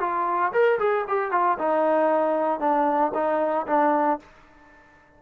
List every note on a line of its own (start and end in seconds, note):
0.00 0.52 F4
0.53 0.79 A#4
0.79 1.05 G#4
1.08 1.32 G4
1.32 1.58 F4
1.59 2.60 D#4
2.60 3.12 D4
3.14 3.66 D#4
3.67 4.19 D4